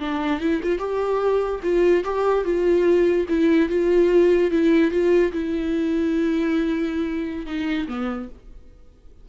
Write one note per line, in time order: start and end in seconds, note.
0.00 0.40 D4
0.40 0.61 E4
0.63 0.79 F4
0.79 1.60 G4
1.63 2.04 F4
2.04 2.45 G4
2.45 3.26 F4
3.29 3.69 E4
3.69 4.51 F4
4.51 4.91 E4
4.91 5.32 F4
5.32 7.47 E4
7.47 7.87 D#4
7.88 8.29 B3